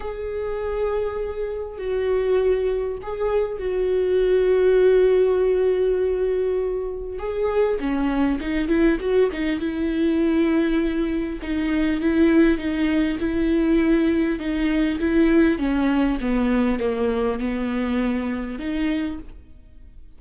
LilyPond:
\new Staff \with { instrumentName = "viola" } { \time 4/4 \tempo 4 = 100 gis'2. fis'4~ | fis'4 gis'4 fis'2~ | fis'1 | gis'4 cis'4 dis'8 e'8 fis'8 dis'8 |
e'2. dis'4 | e'4 dis'4 e'2 | dis'4 e'4 cis'4 b4 | ais4 b2 dis'4 | }